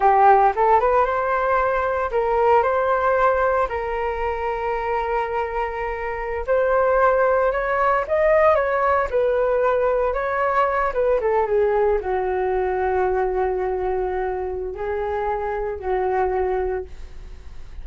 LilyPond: \new Staff \with { instrumentName = "flute" } { \time 4/4 \tempo 4 = 114 g'4 a'8 b'8 c''2 | ais'4 c''2 ais'4~ | ais'1~ | ais'16 c''2 cis''4 dis''8.~ |
dis''16 cis''4 b'2 cis''8.~ | cis''8. b'8 a'8 gis'4 fis'4~ fis'16~ | fis'1 | gis'2 fis'2 | }